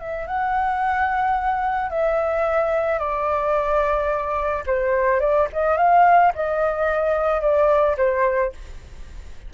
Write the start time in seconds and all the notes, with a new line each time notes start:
0.00 E5
0.27 F#5
1.90 E5
2.99 D5
4.67 C5
5.20 D5
5.53 D#5
5.77 F5
6.35 D#5
7.42 D5
7.97 C5